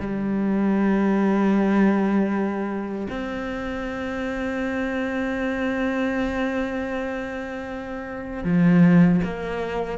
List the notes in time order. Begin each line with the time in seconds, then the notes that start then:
0.00 G3
3.09 C4
8.44 F3
9.24 A#3